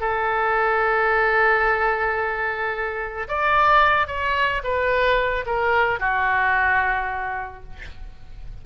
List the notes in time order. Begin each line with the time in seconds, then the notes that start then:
0.00 A4
3.28 D5
4.07 C#5
4.63 B4
5.46 A#4
5.99 F#4